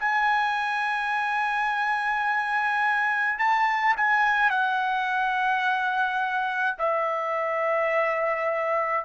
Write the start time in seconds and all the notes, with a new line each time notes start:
0.00 G#5
3.39 A5
3.97 G#5
4.51 F#5
6.79 E5